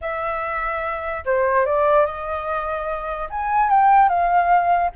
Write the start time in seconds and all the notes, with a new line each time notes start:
0.01 E5
1.25 C5
1.65 D5
2.05 D#5
3.30 G#5
3.69 G5
4.08 F5